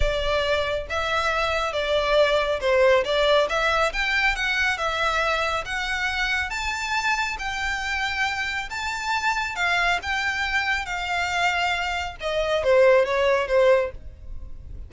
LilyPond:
\new Staff \with { instrumentName = "violin" } { \time 4/4 \tempo 4 = 138 d''2 e''2 | d''2 c''4 d''4 | e''4 g''4 fis''4 e''4~ | e''4 fis''2 a''4~ |
a''4 g''2. | a''2 f''4 g''4~ | g''4 f''2. | dis''4 c''4 cis''4 c''4 | }